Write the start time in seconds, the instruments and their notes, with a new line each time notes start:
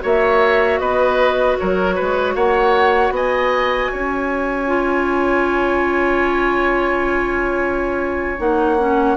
0.00 bassoon A#3, clarinet F#4, oboe C#5
0.06 flute E5
0.79 bassoon B3, oboe B4, flute D#5
1.59 bassoon F#3, oboe A#4, flute C#5
1.95 bassoon G#3, oboe B4
2.35 bassoon A#3, oboe C#5, flute F#5
3.11 bassoon B3, oboe D#5, flute G#5
3.92 bassoon C#4, oboe C#5
4.67 clarinet F4
8.38 bassoon A#3, clarinet D#4, flute F#5
8.78 clarinet C#4